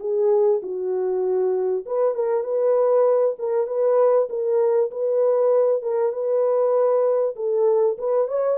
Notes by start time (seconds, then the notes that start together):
0.00 G#4
0.63 F#4
1.86 B4
2.15 A#4
2.44 B4
3.39 A#4
3.67 B4
4.30 A#4
4.91 B4
5.82 A#4
6.13 B4
7.36 A4
7.99 B4
8.28 C#5